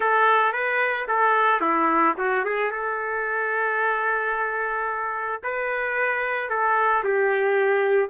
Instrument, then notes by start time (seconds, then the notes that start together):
trumpet
0.00 A4
0.52 B4
1.08 A4
1.60 E4
2.17 F#4
2.44 G#4
2.71 A4
5.43 B4
6.49 A4
7.03 G4